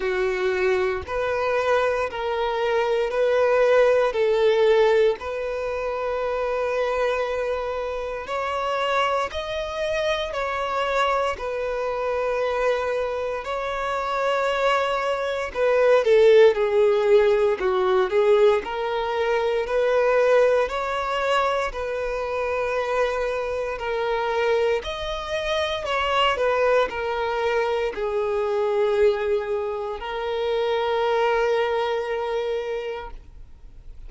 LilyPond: \new Staff \with { instrumentName = "violin" } { \time 4/4 \tempo 4 = 58 fis'4 b'4 ais'4 b'4 | a'4 b'2. | cis''4 dis''4 cis''4 b'4~ | b'4 cis''2 b'8 a'8 |
gis'4 fis'8 gis'8 ais'4 b'4 | cis''4 b'2 ais'4 | dis''4 cis''8 b'8 ais'4 gis'4~ | gis'4 ais'2. | }